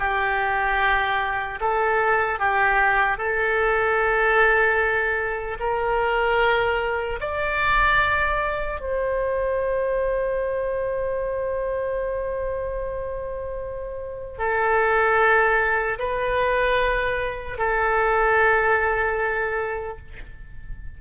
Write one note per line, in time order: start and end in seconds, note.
0.00 1.60 G4
1.61 2.40 A4
2.40 3.18 G4
3.18 5.58 A4
5.60 7.20 A#4
7.21 8.81 D5
8.81 14.39 C5
14.39 15.99 A4
15.99 17.59 B4
17.59 19.99 A4